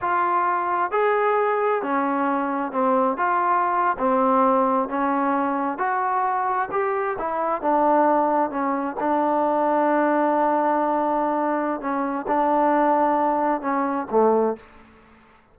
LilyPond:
\new Staff \with { instrumentName = "trombone" } { \time 4/4 \tempo 4 = 132 f'2 gis'2 | cis'2 c'4 f'4~ | f'8. c'2 cis'4~ cis'16~ | cis'8. fis'2 g'4 e'16~ |
e'8. d'2 cis'4 d'16~ | d'1~ | d'2 cis'4 d'4~ | d'2 cis'4 a4 | }